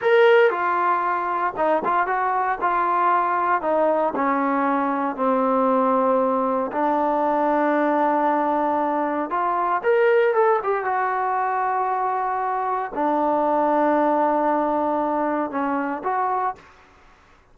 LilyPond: \new Staff \with { instrumentName = "trombone" } { \time 4/4 \tempo 4 = 116 ais'4 f'2 dis'8 f'8 | fis'4 f'2 dis'4 | cis'2 c'2~ | c'4 d'2.~ |
d'2 f'4 ais'4 | a'8 g'8 fis'2.~ | fis'4 d'2.~ | d'2 cis'4 fis'4 | }